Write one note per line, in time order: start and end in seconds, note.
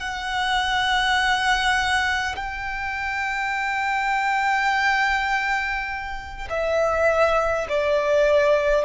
0.00 2.35 F#5
2.36 6.48 G5
6.50 7.67 E5
7.69 8.85 D5